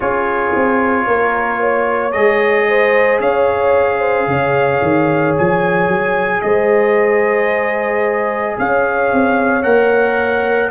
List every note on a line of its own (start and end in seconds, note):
0.00 0.54 C#4
0.00 2.12 F4
0.00 1.06 G#4
0.00 2.11 C#5
0.55 1.07 C4
1.07 2.14 A#3
1.07 1.60 A#4
1.60 2.67 C#5
2.11 3.19 G#3
2.11 9.63 G#4
2.11 3.18 D#5
2.68 3.21 C5
3.19 4.26 C#4
3.19 3.99 C#5
3.19 5.35 F5
3.99 4.25 C5
4.26 4.80 C#3
4.26 6.43 C#5
4.82 5.35 D#3
5.37 5.87 F3
5.37 6.41 G#5
5.87 6.41 F#3
6.41 8.57 G#3
6.41 8.58 C5
6.41 8.56 D#5
8.58 9.12 C#4
8.58 10.71 C#5
8.58 9.62 F5
9.12 9.64 C4
9.62 10.71 A#3
9.62 10.70 A#4
9.62 10.70 F#5